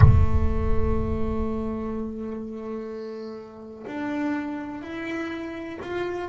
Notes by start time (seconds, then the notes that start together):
0.00 A3
3.86 D4
4.81 E4
5.81 F4